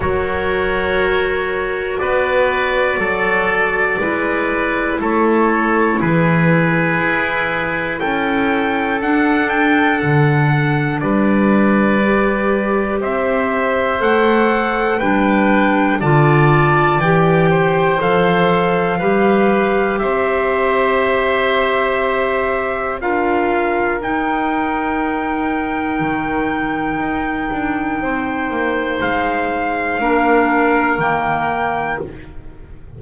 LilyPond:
<<
  \new Staff \with { instrumentName = "trumpet" } { \time 4/4 \tempo 4 = 60 cis''2 d''2~ | d''4 cis''4 b'2 | g''4 fis''8 g''8 fis''4 d''4~ | d''4 e''4 fis''4 g''4 |
a''4 g''4 f''2 | e''2. f''4 | g''1~ | g''4 f''2 g''4 | }
  \new Staff \with { instrumentName = "oboe" } { \time 4/4 ais'2 b'4 a'4 | b'4 a'4 gis'2 | a'2. b'4~ | b'4 c''2 b'4 |
d''4. c''4. b'4 | c''2. ais'4~ | ais'1 | c''2 ais'2 | }
  \new Staff \with { instrumentName = "clarinet" } { \time 4/4 fis'1 | e'1~ | e'4 d'2. | g'2 a'4 d'4 |
f'4 g'4 a'4 g'4~ | g'2. f'4 | dis'1~ | dis'2 d'4 ais4 | }
  \new Staff \with { instrumentName = "double bass" } { \time 4/4 fis2 b4 fis4 | gis4 a4 e4 e'4 | cis'4 d'4 d4 g4~ | g4 c'4 a4 g4 |
d4 e4 f4 g4 | c'2. d'4 | dis'2 dis4 dis'8 d'8 | c'8 ais8 gis4 ais4 dis4 | }
>>